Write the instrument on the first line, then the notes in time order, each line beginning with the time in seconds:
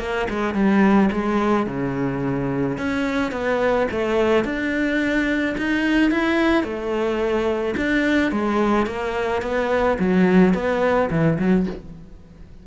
cello
0.00 A#3
0.30 G#3
0.55 G3
1.12 G#3
1.67 C#3
2.78 C#4
3.32 B3
3.92 A3
4.45 D4
5.58 D#4
6.11 E4
6.64 A3
7.77 D4
8.32 G#3
8.87 A#3
9.42 B3
10.00 F#3
10.55 B3
11.11 E3
11.39 F#3